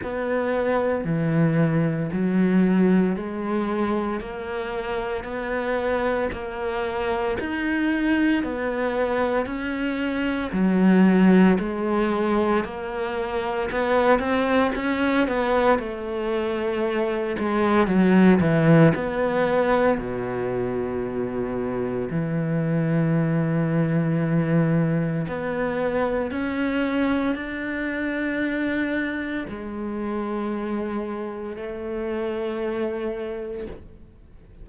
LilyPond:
\new Staff \with { instrumentName = "cello" } { \time 4/4 \tempo 4 = 57 b4 e4 fis4 gis4 | ais4 b4 ais4 dis'4 | b4 cis'4 fis4 gis4 | ais4 b8 c'8 cis'8 b8 a4~ |
a8 gis8 fis8 e8 b4 b,4~ | b,4 e2. | b4 cis'4 d'2 | gis2 a2 | }